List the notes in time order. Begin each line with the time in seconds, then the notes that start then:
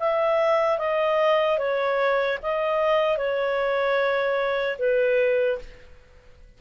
0.00 E5
0.79 D#5
1.59 C#5
2.43 D#5
3.17 C#5
4.79 B4